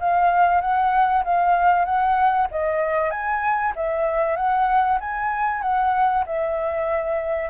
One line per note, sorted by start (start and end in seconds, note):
0.00 0.61 F5
0.61 1.23 F#5
1.24 1.85 F5
1.85 2.47 F#5
2.51 3.11 D#5
3.11 3.73 G#5
3.76 4.36 E5
4.36 4.99 F#5
5.00 5.62 G#5
5.62 6.24 F#5
6.26 7.50 E5